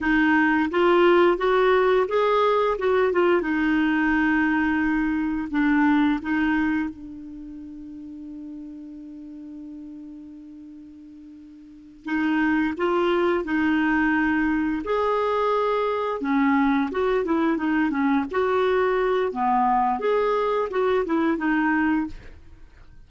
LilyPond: \new Staff \with { instrumentName = "clarinet" } { \time 4/4 \tempo 4 = 87 dis'4 f'4 fis'4 gis'4 | fis'8 f'8 dis'2. | d'4 dis'4 d'2~ | d'1~ |
d'4. dis'4 f'4 dis'8~ | dis'4. gis'2 cis'8~ | cis'8 fis'8 e'8 dis'8 cis'8 fis'4. | b4 gis'4 fis'8 e'8 dis'4 | }